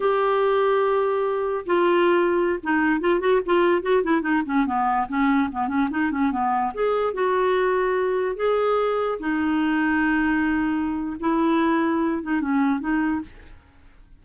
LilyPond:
\new Staff \with { instrumentName = "clarinet" } { \time 4/4 \tempo 4 = 145 g'1 | f'2~ f'16 dis'4 f'8 fis'16~ | fis'16 f'4 fis'8 e'8 dis'8 cis'8 b8.~ | b16 cis'4 b8 cis'8 dis'8 cis'8 b8.~ |
b16 gis'4 fis'2~ fis'8.~ | fis'16 gis'2 dis'4.~ dis'16~ | dis'2. e'4~ | e'4. dis'8 cis'4 dis'4 | }